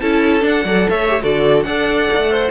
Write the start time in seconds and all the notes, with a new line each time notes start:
0.00 C#4 E4 A4 A5
0.41 D4
0.47 F#5
0.64 F#3 A4 D5
0.89 A3 C#5 E5
1.09 G4
1.22 D3 F#4 A4 D5
1.63 D4 A4 D5 F#5
2.11 A3 D#4
2.31 C5